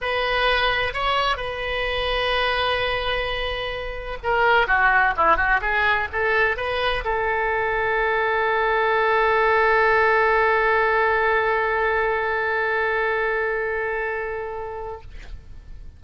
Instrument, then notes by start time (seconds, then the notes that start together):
oboe
0.01 B4
0.93 C#5
1.36 B4
4.23 A#4
4.67 F#4
5.16 E4
5.37 F#4
5.61 G#4
6.12 A4
6.56 B4
7.04 A4